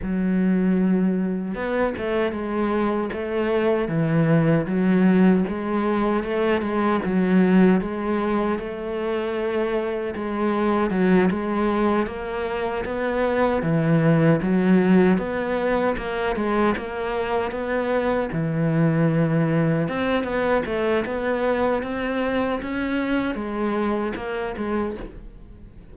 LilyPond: \new Staff \with { instrumentName = "cello" } { \time 4/4 \tempo 4 = 77 fis2 b8 a8 gis4 | a4 e4 fis4 gis4 | a8 gis8 fis4 gis4 a4~ | a4 gis4 fis8 gis4 ais8~ |
ais8 b4 e4 fis4 b8~ | b8 ais8 gis8 ais4 b4 e8~ | e4. c'8 b8 a8 b4 | c'4 cis'4 gis4 ais8 gis8 | }